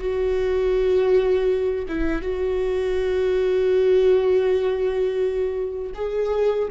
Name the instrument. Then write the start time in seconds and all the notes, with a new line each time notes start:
viola
0.00 F#4
1.88 E4
2.22 F#4
5.95 G#4